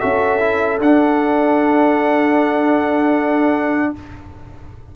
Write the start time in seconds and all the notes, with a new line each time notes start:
0.00 C#4 F#4 A4 E5
0.39 E4
0.80 D4 F#5